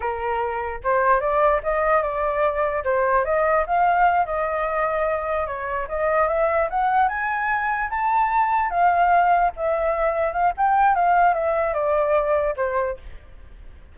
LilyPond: \new Staff \with { instrumentName = "flute" } { \time 4/4 \tempo 4 = 148 ais'2 c''4 d''4 | dis''4 d''2 c''4 | dis''4 f''4. dis''4.~ | dis''4. cis''4 dis''4 e''8~ |
e''8 fis''4 gis''2 a''8~ | a''4. f''2 e''8~ | e''4. f''8 g''4 f''4 | e''4 d''2 c''4 | }